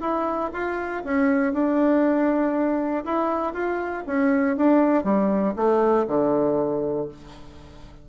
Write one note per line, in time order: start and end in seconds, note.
0.00 0.50 E4
0.53 1.03 F4
1.04 1.53 C#4
1.53 3.04 D4
3.04 3.53 E4
3.53 4.04 F4
4.06 4.57 C#4
4.57 5.04 D4
5.04 5.54 G3
5.56 6.06 A3
6.07 7.08 D3